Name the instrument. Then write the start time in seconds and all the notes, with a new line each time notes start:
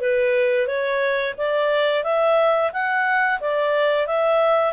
clarinet
0.00 B4
0.67 C#5
1.38 D5
2.03 E5
2.72 F#5
3.40 D5
4.07 E5